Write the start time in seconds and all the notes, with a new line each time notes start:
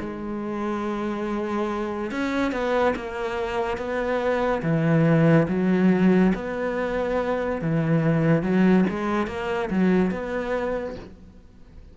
0.00 G#3
2.11 C#4
2.52 B3
2.96 A#3
3.78 B3
4.63 E3
5.49 F#3
6.35 B3
7.62 E3
8.43 F#3
8.90 G#3
9.27 A#3
9.70 F#3
10.11 B3